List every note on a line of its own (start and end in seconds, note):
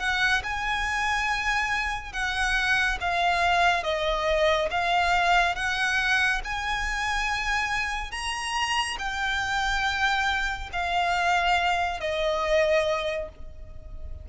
0.00 0.43 F#5
0.44 2.13 G#5
2.13 2.98 F#5
3.01 3.84 F5
3.84 4.69 D#5
4.71 5.56 F5
5.56 6.42 F#5
6.44 8.12 G#5
8.12 8.98 A#5
8.99 10.70 G5
10.73 12.01 F5
12.01 13.29 D#5